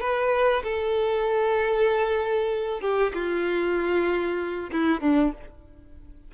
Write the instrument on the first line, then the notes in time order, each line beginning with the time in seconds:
violin
0.00 B4
0.63 A4
2.81 G4
3.14 F4
4.72 E4
5.00 D4